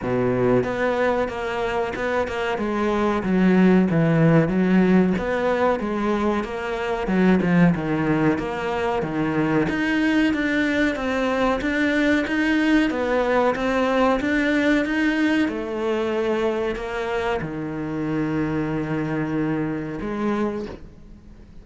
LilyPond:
\new Staff \with { instrumentName = "cello" } { \time 4/4 \tempo 4 = 93 b,4 b4 ais4 b8 ais8 | gis4 fis4 e4 fis4 | b4 gis4 ais4 fis8 f8 | dis4 ais4 dis4 dis'4 |
d'4 c'4 d'4 dis'4 | b4 c'4 d'4 dis'4 | a2 ais4 dis4~ | dis2. gis4 | }